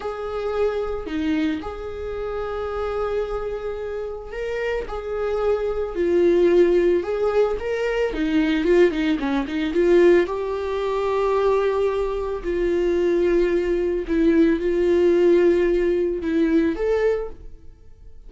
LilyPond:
\new Staff \with { instrumentName = "viola" } { \time 4/4 \tempo 4 = 111 gis'2 dis'4 gis'4~ | gis'1 | ais'4 gis'2 f'4~ | f'4 gis'4 ais'4 dis'4 |
f'8 dis'8 cis'8 dis'8 f'4 g'4~ | g'2. f'4~ | f'2 e'4 f'4~ | f'2 e'4 a'4 | }